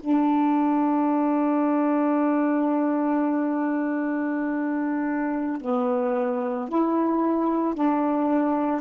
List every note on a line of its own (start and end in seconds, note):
0.00 5.62 D4
5.62 6.69 B3
6.69 7.74 E4
7.74 8.81 D4